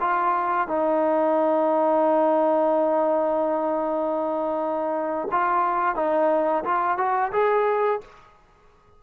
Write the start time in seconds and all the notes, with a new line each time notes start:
0.00 F4
0.68 D#4
5.31 F4
5.95 D#4
6.64 F4
6.98 F#4
7.32 G#4